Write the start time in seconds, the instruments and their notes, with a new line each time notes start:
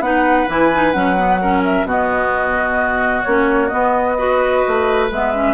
0.00 bassoon B3, clarinet D#4, oboe B4, flute F#5
0.48 bassoon E3, clarinet E4, flute G#5
0.74 clarinet D#4
0.92 bassoon F#3, clarinet C#4, flute F#5
1.17 clarinet B3
1.41 clarinet C#4, oboe A#4
1.65 flute E5
1.84 bassoon B2, clarinet B3, oboe F#4
1.90 flute D#5
3.23 bassoon A#3, clarinet C#4, flute C#5
3.69 clarinet B3, bassoon B3, flute D#5
4.18 clarinet F#4, oboe B4
4.68 bassoon A3
5.11 bassoon G#3, clarinet B3, flute E5
5.35 clarinet C#4